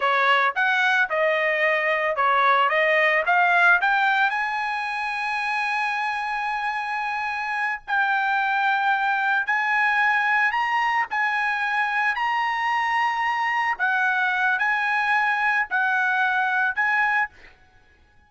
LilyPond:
\new Staff \with { instrumentName = "trumpet" } { \time 4/4 \tempo 4 = 111 cis''4 fis''4 dis''2 | cis''4 dis''4 f''4 g''4 | gis''1~ | gis''2~ gis''8 g''4.~ |
g''4. gis''2 ais''8~ | ais''8 gis''2 ais''4.~ | ais''4. fis''4. gis''4~ | gis''4 fis''2 gis''4 | }